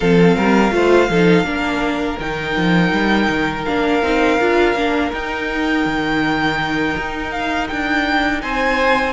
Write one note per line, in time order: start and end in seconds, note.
0.00 0.37 F3
0.00 0.71 C4
0.00 0.36 A4
0.00 2.18 F5
0.36 0.71 G3
0.36 0.73 A#4
0.71 1.08 A3
0.71 1.07 F4
0.71 1.09 C5
1.08 1.43 F3
1.08 1.44 D#4
1.08 1.46 A4
1.43 2.16 A#3
1.43 2.17 D4
1.50 8.41 A#4
2.19 2.56 D#3
2.19 3.67 D#4
2.19 3.64 G5
2.56 2.92 F3
2.92 3.28 G3
3.29 3.65 D#3
3.64 4.02 A#3
3.64 4.02 D4
3.64 5.11 F5
4.02 4.39 C4
4.02 4.39 D#4
4.39 4.74 D4
4.39 4.76 F4
4.74 5.11 A#3
4.74 5.12 D4
5.12 5.85 D#4
5.12 9.13 D#4
5.12 7.31 G5
5.85 6.95 D#3
6.97 7.70 D#4
7.31 7.67 F5
7.68 8.42 D4
7.68 8.41 G5
8.41 9.13 C4
8.41 9.13 C5
8.41 9.13 G#5